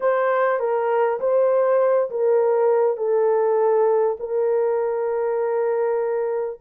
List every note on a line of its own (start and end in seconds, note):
0.00 0.59 C5
0.59 1.19 A#4
1.20 2.10 C5
2.10 2.97 A#4
2.97 4.17 A4
4.19 6.59 A#4